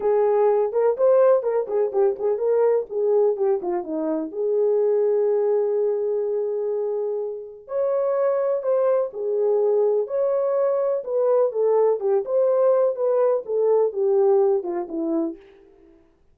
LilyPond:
\new Staff \with { instrumentName = "horn" } { \time 4/4 \tempo 4 = 125 gis'4. ais'8 c''4 ais'8 gis'8 | g'8 gis'8 ais'4 gis'4 g'8 f'8 | dis'4 gis'2.~ | gis'1 |
cis''2 c''4 gis'4~ | gis'4 cis''2 b'4 | a'4 g'8 c''4. b'4 | a'4 g'4. f'8 e'4 | }